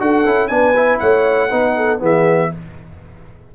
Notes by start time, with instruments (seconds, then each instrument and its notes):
0.00 tuba D4, trombone F#4, horn A4, trumpet F#5
0.26 tuba C#4, trombone E4
0.48 tuba B3, trombone D4, horn B4, trumpet G#5
0.76 trombone E4
1.00 tuba A3, horn C#5, trumpet F#5
1.50 tuba B3, trombone D#4, horn B4
1.77 horn A4
1.99 tuba E3, trombone B3, horn G#4, trumpet E5